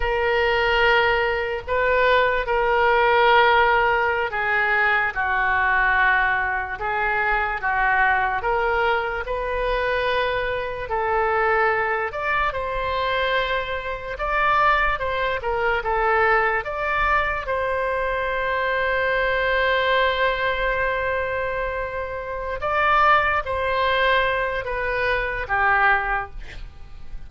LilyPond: \new Staff \with { instrumentName = "oboe" } { \time 4/4 \tempo 4 = 73 ais'2 b'4 ais'4~ | ais'4~ ais'16 gis'4 fis'4.~ fis'16~ | fis'16 gis'4 fis'4 ais'4 b'8.~ | b'4~ b'16 a'4. d''8 c''8.~ |
c''4~ c''16 d''4 c''8 ais'8 a'8.~ | a'16 d''4 c''2~ c''8.~ | c''2.~ c''8 d''8~ | d''8 c''4. b'4 g'4 | }